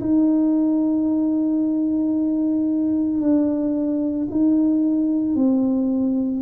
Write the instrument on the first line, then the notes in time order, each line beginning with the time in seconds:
tuba
0.00 D#4
3.21 D4
4.31 D#4
5.35 C4